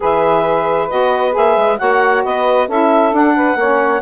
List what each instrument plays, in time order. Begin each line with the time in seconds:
0.00 bassoon E3, saxophone G#4 B4, clarinet E5
0.89 bassoon B3, saxophone F#4, clarinet D#5
1.31 bassoon A#3, saxophone G#4, clarinet E5
1.56 bassoon G#3
1.77 bassoon A#3, saxophone F#4 C#5, clarinet F#5
2.24 bassoon B3, saxophone B4, clarinet D#5
2.67 bassoon C#4, saxophone E4 A4, clarinet E5
3.12 saxophone D4, bassoon D4, clarinet F#5
3.35 saxophone B4
3.55 bassoon A#3, saxophone C#4 C#5